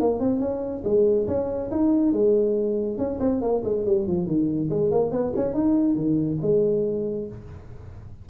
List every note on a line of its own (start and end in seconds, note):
0.00 0.20 A#3
0.20 0.40 C4
0.40 0.83 C#4
0.84 1.27 G#3
1.27 1.70 C#4
1.71 2.12 D#4
2.12 2.97 G#3
2.97 3.19 C#4
3.20 3.41 C4
3.41 3.63 A#3
3.64 3.86 G#3
3.86 4.07 G3
4.07 4.26 F3
4.26 4.69 D#3
4.70 4.91 G#3
4.91 5.11 A#3
5.11 5.33 B3
5.36 5.54 C#4
5.54 5.95 D#4
5.95 6.38 D#3
6.42 7.27 G#3